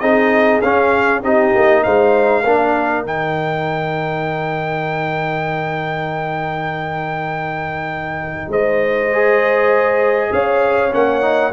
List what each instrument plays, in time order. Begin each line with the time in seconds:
0.00 tuba C4, trombone D#4, horn G#4, trumpet D#5
0.61 tuba C#4, trombone C#4, trumpet F5
1.23 tuba C4, trombone D#4, horn G4, trumpet D#5
1.55 tuba A#3
1.84 tuba G#3, horn C5, trumpet F5
2.43 tuba A#3, trombone D4, horn A#4
3.04 tuba D#3, trombone D#4, trumpet G5
8.48 tuba G#3, horn C5, trumpet D#5
9.12 trombone G#4
10.32 tuba C#4, horn C#5, trumpet F5
10.92 tuba A#3, trombone C#4, trumpet F#5
11.22 trombone D#4